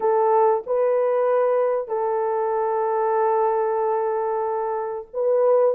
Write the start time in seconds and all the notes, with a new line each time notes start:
0.00 A4
0.66 B4
1.88 A4
5.13 B4